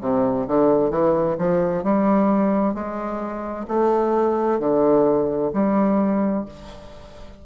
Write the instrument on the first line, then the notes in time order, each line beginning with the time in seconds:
bassoon
0.00 C3
0.47 D3
0.90 E3
1.38 F3
1.83 G3
2.74 G#3
3.68 A3
4.59 D3
5.53 G3